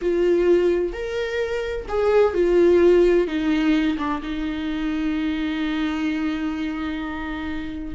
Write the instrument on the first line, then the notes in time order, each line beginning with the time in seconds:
viola
0.01 F4
0.92 A#4
1.88 G#4
2.34 F4
3.27 D#4
3.97 D4
4.22 D#4